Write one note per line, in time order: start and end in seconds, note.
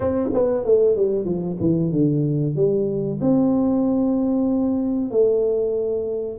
0.00 0.29 C4
0.33 0.64 B3
0.64 0.96 A3
0.96 1.24 G3
1.24 1.56 F3
1.60 1.91 E3
1.91 2.55 D3
2.55 3.19 G3
3.21 5.10 C4
5.10 6.38 A3